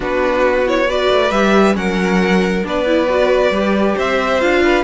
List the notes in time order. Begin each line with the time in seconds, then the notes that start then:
0.00 B3 D4 F#4 B4
0.65 E4 C#5
0.87 F#4 B4 D5
1.09 A3
1.31 G3 G4 E5
1.72 F#3 C#4 A#4 F#5
2.64 B3 D4 B4 D5
2.86 E4
3.09 F#4
3.50 G3 G4
3.96 C4 C5 E5
4.39 D4 F4 F5
4.63 B4